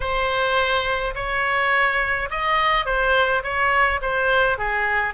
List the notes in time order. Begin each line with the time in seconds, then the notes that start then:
0.00 C5
1.15 C#5
2.30 D#5
2.85 C5
3.43 C#5
4.01 C5
4.58 G#4